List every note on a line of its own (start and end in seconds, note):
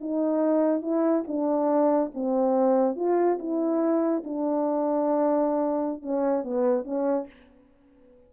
0.00 0.81 D#4
0.81 1.24 E4
1.27 2.11 D4
2.14 2.95 C4
2.95 3.38 F4
3.38 4.23 E4
4.24 6.02 D4
6.02 6.43 C#4
6.43 6.84 B3
6.84 7.26 C#4